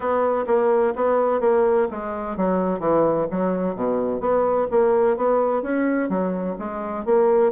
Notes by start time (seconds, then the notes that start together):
0.00 B3
0.46 A#3
0.95 B3
1.40 A#3
1.90 G#3
2.36 F#3
2.79 E3
3.30 F#3
3.75 B2
4.20 B3
4.70 A#3
5.16 B3
5.62 C#4
6.09 F#3
6.58 G#3
7.05 A#3